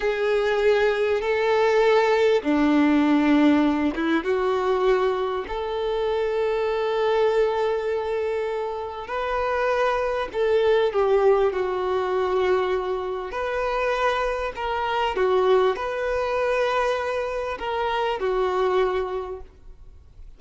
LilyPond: \new Staff \with { instrumentName = "violin" } { \time 4/4 \tempo 4 = 99 gis'2 a'2 | d'2~ d'8 e'8 fis'4~ | fis'4 a'2.~ | a'2. b'4~ |
b'4 a'4 g'4 fis'4~ | fis'2 b'2 | ais'4 fis'4 b'2~ | b'4 ais'4 fis'2 | }